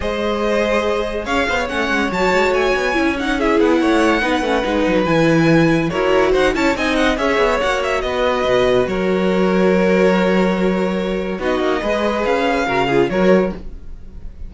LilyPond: <<
  \new Staff \with { instrumentName = "violin" } { \time 4/4 \tempo 4 = 142 dis''2. f''4 | fis''4 a''4 gis''4. fis''8 | e''8 fis''2.~ fis''8 | gis''2 cis''4 fis''8 a''8 |
gis''8 fis''8 e''4 fis''8 e''8 dis''4~ | dis''4 cis''2.~ | cis''2. dis''4~ | dis''4 f''2 cis''4 | }
  \new Staff \with { instrumentName = "violin" } { \time 4/4 c''2. cis''8 c''16 cis''16~ | cis''1 | gis'4 cis''4 b'2~ | b'2 ais'4 c''8 cis''8 |
dis''4 cis''2 b'4~ | b'4 ais'2.~ | ais'2. fis'4 | b'2 ais'8 gis'8 ais'4 | }
  \new Staff \with { instrumentName = "viola" } { \time 4/4 gis'1 | cis'4 fis'2 e'8 dis'8 | e'2 dis'8 cis'8 dis'4 | e'2 fis'4. e'8 |
dis'4 gis'4 fis'2~ | fis'1~ | fis'2. dis'4 | gis'2 fis'8 f'8 fis'4 | }
  \new Staff \with { instrumentName = "cello" } { \time 4/4 gis2. cis'8 b8 | a8 gis8 fis8 gis8 a8 b8 cis'4~ | cis'8 b8 a4 b8 a8 gis8 fis8 | e2 e'4 dis'8 cis'8 |
c'4 cis'8 b8 ais4 b4 | b,4 fis2.~ | fis2. b8 ais8 | gis4 cis'4 cis4 fis4 | }
>>